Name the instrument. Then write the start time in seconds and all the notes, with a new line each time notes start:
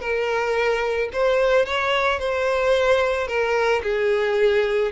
violin
0.00 A#4
1.12 C5
1.65 C#5
2.19 C5
3.27 A#4
3.82 G#4